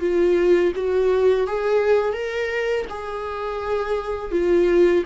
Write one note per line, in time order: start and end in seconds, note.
0.00 0.72 F4
0.75 1.47 F#4
1.47 2.13 G#4
2.13 2.85 A#4
2.89 4.31 G#4
4.31 5.03 F4